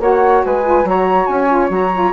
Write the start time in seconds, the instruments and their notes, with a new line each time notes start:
0.00 bassoon A#3, saxophone F#4, flute C#5 F#5
0.45 bassoon G#3, flute B4 G#5
0.63 saxophone F4
0.84 bassoon F#3, saxophone F#4, flute C#5 A#5
1.26 bassoon C#4, flute G#5
1.48 saxophone F4
1.70 bassoon F#3, saxophone F#4, flute A#5
1.93 saxophone F4